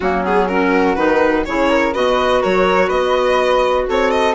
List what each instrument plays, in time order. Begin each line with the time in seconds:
0.00 bassoon F#3, clarinet A#3, flute C#4, violin F#4
0.24 clarinet B3, violin G#4
0.48 clarinet C#4, flute F#4, violin A#4
0.95 bassoon D#3, clarinet D#4, violin B4
1.45 bassoon C#3, clarinet E4, flute G#4, violin C#5
1.69 flute A#4
1.93 bassoon B2, clarinet F#4, flute B4, violin D#5
2.41 bassoon F#3, flute A#4, violin C#5
2.87 bassoon B3, flute B4, violin D#5
3.88 bassoon C4, flute A4, violin C#5
4.10 violin D#5